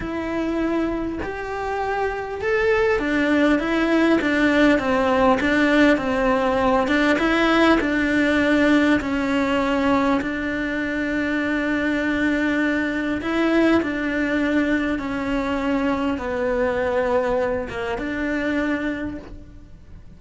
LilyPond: \new Staff \with { instrumentName = "cello" } { \time 4/4 \tempo 4 = 100 e'2 g'2 | a'4 d'4 e'4 d'4 | c'4 d'4 c'4. d'8 | e'4 d'2 cis'4~ |
cis'4 d'2.~ | d'2 e'4 d'4~ | d'4 cis'2 b4~ | b4. ais8 d'2 | }